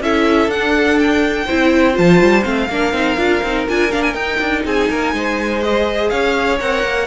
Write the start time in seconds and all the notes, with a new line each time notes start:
0.00 C#4 E4 A4 E5
0.47 D4 F#5
0.98 G5
1.45 C4 E4 C5
1.93 F3 F4 A5
2.21 G3
2.43 A3 C4 F5
2.69 A#3 D4 A#4
2.93 C4 D#4
3.17 D4 F4
3.42 C4 D#4
3.68 D4 F4 G#5
3.91 A#3 D4 F5
4.02 G#5
4.13 D#4 G5
4.40 D4
4.65 C4 G#4 G#5
4.89 A#3 A#4
5.12 G#3 C5
5.62 G#4 D#5
6.09 C#4 C#5 F5
6.59 C4 A#4 F#5
6.83 A#3